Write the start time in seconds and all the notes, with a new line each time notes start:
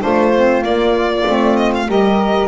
0.00 A3 D4 F4 C5
0.36 C4
0.62 A#3 D5
1.25 A3 C4
1.56 D#5
1.74 F5
1.86 G3 G4 A#4 D#5